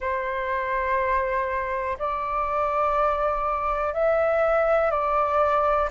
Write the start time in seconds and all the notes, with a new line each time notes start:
0.00 C5
1.99 D5
3.93 E5
4.90 D5